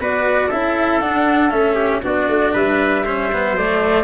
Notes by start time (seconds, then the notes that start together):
0.00 B3 F#4 B4 D5
0.48 C#4 E4 A4 E5
1.01 D4 F#5
1.50 A3 C#4 E5
1.75 G4
2.02 B3 D4 F#4 D5
2.28 A3
2.53 G3 B4 E5
3.05 C#4 C5
3.32 B3
3.51 F#3 D5
3.57 A3